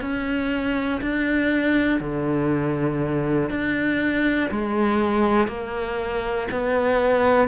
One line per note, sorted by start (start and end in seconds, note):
0.00 1.00 C#4
1.01 2.00 D4
2.00 3.50 D3
3.50 4.50 D4
4.50 5.47 G#3
5.47 6.47 A#3
6.51 7.48 B3